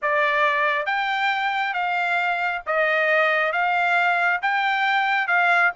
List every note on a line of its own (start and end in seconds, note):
0.02 0.85 D5
0.85 1.73 G5
1.73 2.61 F5
2.66 3.52 D#5
3.52 4.40 F5
4.42 5.27 G5
5.27 5.72 F5